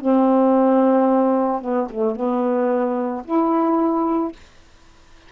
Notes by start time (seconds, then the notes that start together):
0.00 C4
1.61 B3
1.89 A3
2.15 B3
3.24 E4